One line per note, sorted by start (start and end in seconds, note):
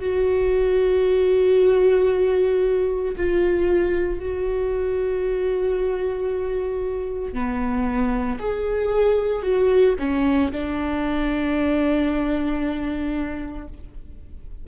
0.00 3.16 F#4
3.17 4.20 F4
4.20 7.33 F#4
7.33 8.38 B3
8.39 9.43 G#4
9.43 9.95 F#4
9.99 10.52 C#4
10.52 13.68 D4